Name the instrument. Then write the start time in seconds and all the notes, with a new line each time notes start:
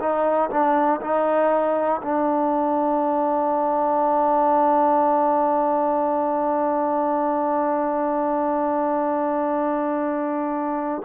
trombone
0.00 D#4
0.50 D4
1.01 D#4
2.03 D4